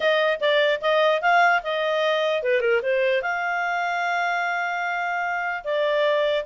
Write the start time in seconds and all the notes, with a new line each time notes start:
0.00 D#5
0.40 D5
0.81 D#5
1.21 F5
1.63 D#5
2.42 B4
2.60 A#4
2.82 C5
3.22 F5
5.64 D5